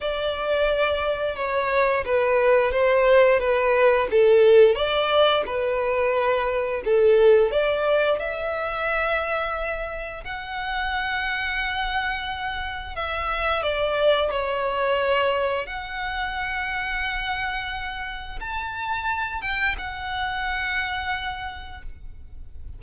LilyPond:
\new Staff \with { instrumentName = "violin" } { \time 4/4 \tempo 4 = 88 d''2 cis''4 b'4 | c''4 b'4 a'4 d''4 | b'2 a'4 d''4 | e''2. fis''4~ |
fis''2. e''4 | d''4 cis''2 fis''4~ | fis''2. a''4~ | a''8 g''8 fis''2. | }